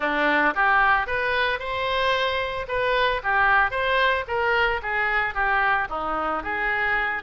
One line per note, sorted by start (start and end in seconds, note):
0.00 0.54 D4
0.55 1.06 G4
1.06 1.59 B4
1.59 2.66 C5
2.68 3.21 B4
3.23 3.70 G4
3.70 4.24 C5
4.27 4.81 A#4
4.82 5.34 G#4
5.34 5.88 G4
5.89 6.43 D#4
6.43 7.22 G#4